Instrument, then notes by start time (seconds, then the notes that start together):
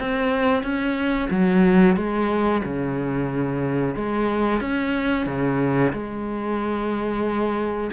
cello
0.00 C4
0.63 C#4
1.31 F#3
1.97 G#3
2.64 C#3
3.96 G#3
4.61 C#4
5.27 C#3
5.93 G#3